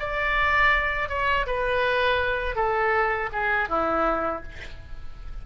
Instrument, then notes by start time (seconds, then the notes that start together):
oboe
0.00 D5
1.09 C#5
1.47 B4
2.56 A4
3.33 G#4
3.69 E4